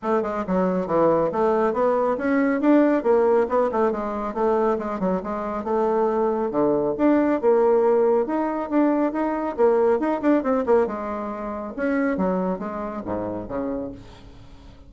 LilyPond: \new Staff \with { instrumentName = "bassoon" } { \time 4/4 \tempo 4 = 138 a8 gis8 fis4 e4 a4 | b4 cis'4 d'4 ais4 | b8 a8 gis4 a4 gis8 fis8 | gis4 a2 d4 |
d'4 ais2 dis'4 | d'4 dis'4 ais4 dis'8 d'8 | c'8 ais8 gis2 cis'4 | fis4 gis4 gis,4 cis4 | }